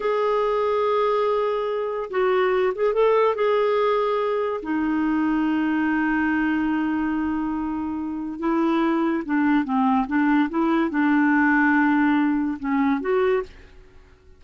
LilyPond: \new Staff \with { instrumentName = "clarinet" } { \time 4/4 \tempo 4 = 143 gis'1~ | gis'4 fis'4. gis'8 a'4 | gis'2. dis'4~ | dis'1~ |
dis'1 | e'2 d'4 c'4 | d'4 e'4 d'2~ | d'2 cis'4 fis'4 | }